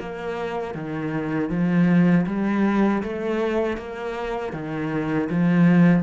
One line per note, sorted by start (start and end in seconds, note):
0.00 0.74 A#3
0.74 1.49 D#3
1.49 2.25 F3
2.26 3.02 G3
3.03 3.77 A3
3.77 4.53 A#3
4.53 5.29 D#3
5.29 6.03 F3